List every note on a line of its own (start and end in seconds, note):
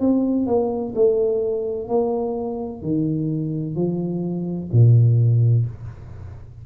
0.00 0.47 C4
0.47 0.94 A#3
0.95 1.88 A3
1.88 2.82 A#3
2.82 3.75 D#3
3.75 4.69 F3
4.72 5.66 A#2